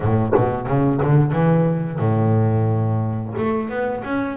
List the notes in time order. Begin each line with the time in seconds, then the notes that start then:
0.00 A2
0.34 B2
0.66 C#3
1.03 D3
1.32 E3
1.99 A2
3.37 A3
3.69 B3
4.04 C#4